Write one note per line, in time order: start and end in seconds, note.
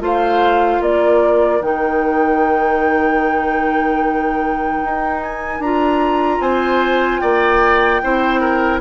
0.00 0.81 A3
0.00 1.60 F4
0.00 0.82 C5
0.00 0.83 F5
0.81 1.61 A#3
0.81 6.41 A#4
0.81 1.62 D5
1.61 4.81 D#3
1.61 5.62 D#4
1.61 5.22 G5
4.85 5.59 D#4
5.22 5.61 G#5
5.59 6.39 D4
5.59 8.03 F4
5.59 6.41 A#5
6.40 7.20 C4
6.40 7.21 C5
6.40 7.20 G#5
7.20 8.02 A#3
7.20 8.01 D5
7.20 8.80 G5
8.03 8.81 C4
8.03 8.81 E4
8.03 8.41 C5
8.41 8.81 A#4